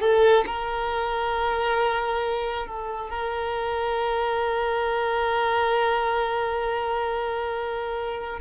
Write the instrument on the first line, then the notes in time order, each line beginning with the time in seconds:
violin
0.00 A4
0.46 A#4
2.66 A4
3.10 A#4